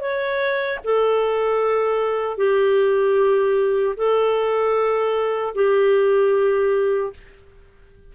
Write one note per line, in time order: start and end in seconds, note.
0.00 0.79 C#5
0.84 2.37 A4
2.37 3.95 G4
3.96 5.54 A4
5.54 7.12 G4